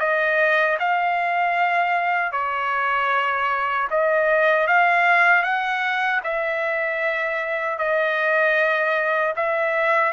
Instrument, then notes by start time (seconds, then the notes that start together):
trumpet
0.00 D#5
0.80 F5
2.33 C#5
3.91 D#5
4.68 F5
5.43 F#5
6.24 E5
7.79 D#5
9.36 E5